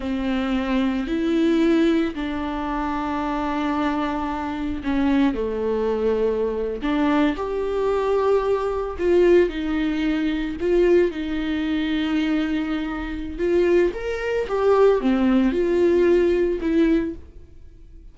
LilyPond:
\new Staff \with { instrumentName = "viola" } { \time 4/4 \tempo 4 = 112 c'2 e'2 | d'1~ | d'4 cis'4 a2~ | a8. d'4 g'2~ g'16~ |
g'8. f'4 dis'2 f'16~ | f'8. dis'2.~ dis'16~ | dis'4 f'4 ais'4 g'4 | c'4 f'2 e'4 | }